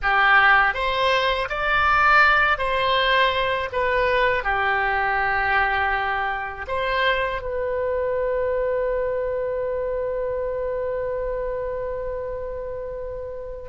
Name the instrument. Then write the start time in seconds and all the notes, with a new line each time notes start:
oboe
0.02 G4
0.74 C5
1.49 D5
2.58 C5
3.72 B4
4.43 G4
6.67 C5
7.41 B4